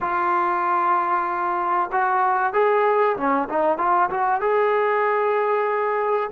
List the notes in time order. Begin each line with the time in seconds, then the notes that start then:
0.01 F4
1.91 F#4
2.53 G#4
3.17 C#4
3.49 D#4
3.78 F4
4.10 F#4
4.40 G#4